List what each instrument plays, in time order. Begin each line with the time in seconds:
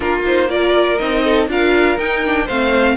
0.00 cello A#3, viola D4, violin F4 A#4
0.25 viola D#4, violin C5
0.48 viola F4, violin A#4 D5
0.98 cello C4, viola D#4, violin D#5
1.24 violin A4
1.47 cello D4, viola F4, violin A#4 F5
1.97 cello D#4, viola D#4, violin G5
2.24 viola D4
2.45 cello A3, viola C4, violin C5 F5